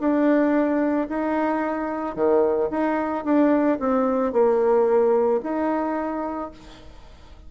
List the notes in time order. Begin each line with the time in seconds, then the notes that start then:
0.00 D4
1.09 D#4
2.15 D#3
2.71 D#4
3.25 D4
3.80 C4
4.33 A#3
5.43 D#4